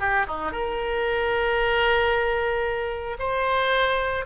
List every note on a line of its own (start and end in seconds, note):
0.00 0.27 G4
0.28 0.52 D#4
0.52 3.18 A#4
3.19 4.26 C5